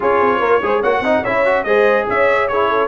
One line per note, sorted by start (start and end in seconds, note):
0.00 0.20 C#4
0.00 0.61 F4
0.00 0.39 G#4
0.00 0.82 C#5
0.20 0.40 C4
0.39 0.61 A#3
0.39 0.60 A#4
0.62 0.82 G#3
0.62 0.83 G#4
0.62 0.81 C5
0.81 1.00 A#3
0.81 1.04 F#4
0.81 1.01 C#5
0.81 1.24 F#5
1.00 1.21 C4
1.00 1.25 D#4
1.00 1.23 D#5
1.23 1.65 C#4
1.23 1.45 E4
1.23 1.64 C#5
1.23 1.63 E5
1.45 1.65 F#4
1.63 2.06 G#3
1.63 2.49 G#4
1.63 2.08 C5
1.63 2.04 D#5
2.08 2.88 C#4
2.08 2.49 C#5
2.08 2.48 E5
2.48 2.88 E4
2.48 2.69 G#4
2.48 2.88 C#5
2.69 2.88 A4